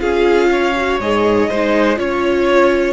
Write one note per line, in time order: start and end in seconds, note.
0.00 0.99 C#4
0.00 0.74 F4
0.00 0.50 G#4
0.00 1.00 F5
0.52 1.50 C#5
0.77 1.01 F#4
0.99 1.49 G#2
0.99 1.51 G#4
0.99 1.99 D#5
1.50 1.98 G#3
1.50 1.97 D#4
1.50 1.99 C5
1.97 2.94 C#4
1.97 2.94 F4
1.97 2.94 C#5